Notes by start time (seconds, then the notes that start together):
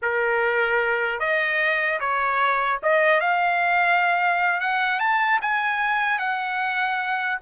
0.02 A#4
1.19 D#5
2.00 C#5
2.82 D#5
3.20 F5
4.60 F#5
4.99 A5
5.41 G#5
6.18 F#5